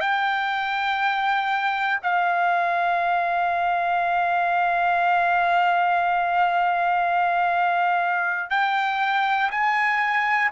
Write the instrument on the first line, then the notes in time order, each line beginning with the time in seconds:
trumpet
0.00 G5
2.02 F5
8.50 G5
9.51 G#5